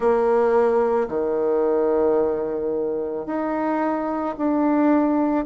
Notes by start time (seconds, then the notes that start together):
0.00 A#3
1.08 D#3
3.26 D#4
4.37 D4